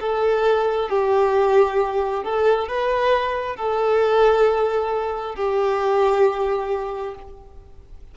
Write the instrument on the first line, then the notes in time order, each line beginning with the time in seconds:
violin
0.00 A4
0.89 G4
2.23 A4
2.68 B4
3.56 A4
5.35 G4